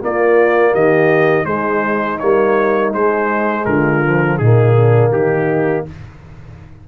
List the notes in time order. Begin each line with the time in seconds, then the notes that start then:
0.00 A#3 F4 D5
0.71 D#3 G4 D#5
1.45 G#3 D#4 C5
2.19 G3 A#3 C#5
2.93 G#3 C5
3.65 D3 F4 A#4
4.05 F3
4.38 A#2 A#3 D#4 G#4
4.77 D4
5.11 D#3 D#4 G4